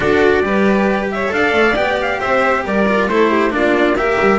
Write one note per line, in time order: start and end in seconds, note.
0.00 0.42 D4
0.00 0.43 F#4
0.00 0.43 A4
0.00 1.08 D5
0.42 1.30 G3
0.42 1.29 G4
0.42 1.11 B4
1.11 1.34 C#5
1.11 1.32 E5
1.29 1.52 D4
1.29 1.73 A4
1.29 2.19 D5
1.29 1.76 F5
1.52 1.74 A3
1.75 2.20 B3
1.75 2.86 G4
1.75 1.98 G5
2.01 2.20 F5
2.19 2.65 C4
2.19 2.64 C5
2.19 2.64 E5
2.65 3.07 G3
2.65 3.08 A#4
2.65 3.08 D5
2.87 3.09 F4
3.07 3.51 A3
3.07 3.50 E4
3.07 3.30 A4
3.07 3.53 C5
3.30 3.52 G4
3.50 4.17 A#3
3.50 3.94 D4
3.50 3.98 F4
3.50 3.96 D5
3.96 4.39 G4
3.96 4.39 A#4
3.96 4.39 E5
4.19 4.39 G3